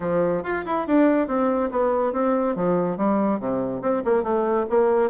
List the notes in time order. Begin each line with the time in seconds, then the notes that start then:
0.00 F3
0.43 F4
0.65 E4
0.87 D4
1.27 C4
1.70 B3
2.13 C4
2.55 F3
2.97 G3
3.39 C3
3.81 C4
4.04 A#3
4.23 A3
4.69 A#3